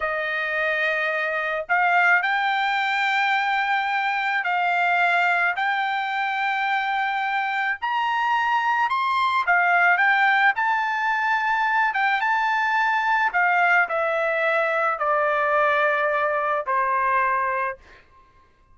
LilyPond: \new Staff \with { instrumentName = "trumpet" } { \time 4/4 \tempo 4 = 108 dis''2. f''4 | g''1 | f''2 g''2~ | g''2 ais''2 |
c'''4 f''4 g''4 a''4~ | a''4. g''8 a''2 | f''4 e''2 d''4~ | d''2 c''2 | }